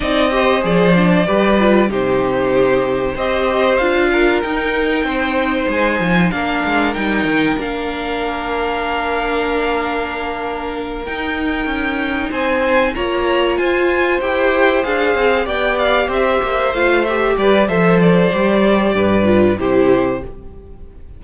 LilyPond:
<<
  \new Staff \with { instrumentName = "violin" } { \time 4/4 \tempo 4 = 95 dis''4 d''2 c''4~ | c''4 dis''4 f''4 g''4~ | g''4 gis''4 f''4 g''4 | f''1~ |
f''4. g''2 gis''8~ | gis''8 ais''4 gis''4 g''4 f''8~ | f''8 g''8 f''8 e''4 f''8 e''8 d''8 | e''8 d''2~ d''8 c''4 | }
  \new Staff \with { instrumentName = "violin" } { \time 4/4 d''8 c''4. b'4 g'4~ | g'4 c''4. ais'4. | c''2 ais'2~ | ais'1~ |
ais'2.~ ais'8 c''8~ | c''8 cis''4 c''2~ c''8~ | c''8 d''4 c''2 b'8 | c''2 b'4 g'4 | }
  \new Staff \with { instrumentName = "viola" } { \time 4/4 dis'8 g'8 gis'8 d'8 g'8 f'8 dis'4~ | dis'4 g'4 f'4 dis'4~ | dis'2 d'4 dis'4 | d'1~ |
d'4. dis'2~ dis'8~ | dis'8 f'2 g'4 gis'8~ | gis'8 g'2 f'8 g'4 | a'4 g'4. f'8 e'4 | }
  \new Staff \with { instrumentName = "cello" } { \time 4/4 c'4 f4 g4 c4~ | c4 c'4 d'4 dis'4 | c'4 gis8 f8 ais8 gis8 g8 dis8 | ais1~ |
ais4. dis'4 cis'4 c'8~ | c'8 ais4 f'4 e'4 d'8 | c'8 b4 c'8 ais8 a4 g8 | f4 g4 g,4 c4 | }
>>